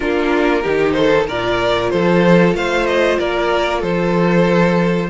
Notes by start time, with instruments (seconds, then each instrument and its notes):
0.00 cello A#3, viola D4, violin F4 A#4
0.62 cello D#3, viola D#4, violin G4
0.92 violin A4 C5
1.27 cello A#2, viola F4, violin A#4 D5
1.90 cello F3, violin A4 C5
2.54 cello A3, violin C5 F5
2.86 violin D#5
3.18 cello A#3, violin A#4 D5
3.79 cello F3, violin A4 C5